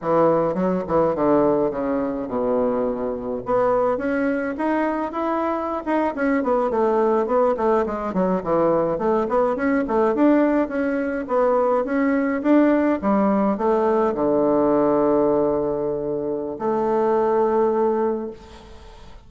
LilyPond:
\new Staff \with { instrumentName = "bassoon" } { \time 4/4 \tempo 4 = 105 e4 fis8 e8 d4 cis4 | b,2 b4 cis'4 | dis'4 e'4~ e'16 dis'8 cis'8 b8 a16~ | a8. b8 a8 gis8 fis8 e4 a16~ |
a16 b8 cis'8 a8 d'4 cis'4 b16~ | b8. cis'4 d'4 g4 a16~ | a8. d2.~ d16~ | d4 a2. | }